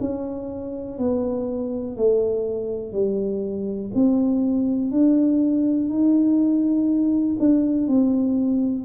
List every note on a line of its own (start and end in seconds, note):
0.00 0.98 C#4
0.98 1.96 B3
1.96 2.92 A3
2.92 3.90 G3
3.94 4.91 C4
4.91 5.89 D4
5.89 7.37 D#4
7.39 7.88 D4
7.88 8.85 C4